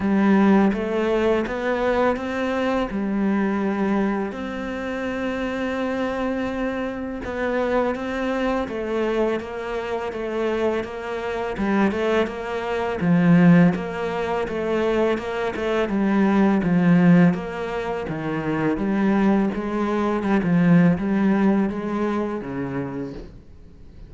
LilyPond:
\new Staff \with { instrumentName = "cello" } { \time 4/4 \tempo 4 = 83 g4 a4 b4 c'4 | g2 c'2~ | c'2 b4 c'4 | a4 ais4 a4 ais4 |
g8 a8 ais4 f4 ais4 | a4 ais8 a8 g4 f4 | ais4 dis4 g4 gis4 | g16 f8. g4 gis4 cis4 | }